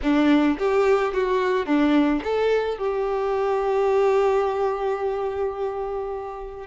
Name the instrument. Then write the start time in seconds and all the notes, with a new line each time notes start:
violin
0.02 D4
0.58 G4
1.13 F#4
1.66 D4
2.23 A4
2.78 G4